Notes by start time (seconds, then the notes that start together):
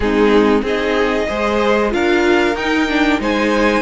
0.00 G#3 C4 D#4 G#4
0.62 C4 D#4 G#4 D#5
1.28 G#3 G#4 C5
1.89 D4 F4 A#4 F5
2.55 D#4 G5
2.88 D4
3.19 G#3 D#4 C5 G#5